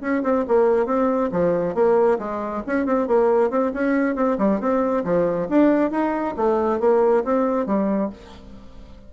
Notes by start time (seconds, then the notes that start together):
0.00 C#4
0.22 C4
0.47 A#3
0.86 C4
1.31 F3
1.74 A#3
2.18 G#3
2.66 C#4
2.85 C4
3.07 A#3
3.50 C4
3.74 C#4
4.15 C4
4.38 G3
4.60 C4
5.04 F3
5.48 D4
5.91 D#4
6.36 A3
6.79 A#3
7.24 C4
7.66 G3